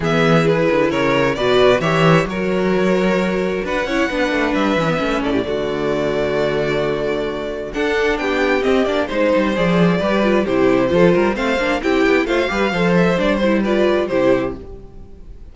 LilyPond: <<
  \new Staff \with { instrumentName = "violin" } { \time 4/4 \tempo 4 = 132 e''4 b'4 cis''4 d''4 | e''4 cis''2. | fis''2 e''4. d''8~ | d''1~ |
d''4 fis''4 g''4 dis''8 d''8 | c''4 d''2 c''4~ | c''4 f''4 g''4 f''4~ | f''8 e''8 d''8 c''8 d''4 c''4 | }
  \new Staff \with { instrumentName = "violin" } { \time 4/4 gis'2 ais'4 b'4 | cis''4 ais'2. | b'8 cis''8 b'2~ b'8 a'16 g'16 | fis'1~ |
fis'4 a'4 g'2 | c''2 b'4 g'4 | a'8 ais'8 c''4 g'4 c''8 b'8 | c''2 b'4 g'4 | }
  \new Staff \with { instrumentName = "viola" } { \time 4/4 b4 e'2 fis'4 | g'4 fis'2.~ | fis'8 e'8 d'4. cis'16 b16 cis'4 | a1~ |
a4 d'2 c'8 d'8 | dis'4 gis'4 g'8 f'8 e'4 | f'4 c'8 d'8 e'4 f'8 g'8 | a'4 d'8 e'8 f'4 e'4 | }
  \new Staff \with { instrumentName = "cello" } { \time 4/4 e4. d8 cis4 b,4 | e4 fis2. | d'8 cis'8 b8 a8 g8 e8 a8 a,8 | d1~ |
d4 d'4 b4 c'8 ais8 | gis8 g8 f4 g4 c4 | f8 g8 a8 ais8 c'8 b8 a8 g8 | f4 g2 c4 | }
>>